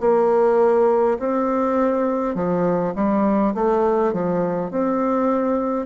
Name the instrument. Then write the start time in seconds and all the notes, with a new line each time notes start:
bassoon
0.00 A#3
1.19 C4
2.35 F3
2.95 G3
3.54 A3
4.13 F3
4.71 C4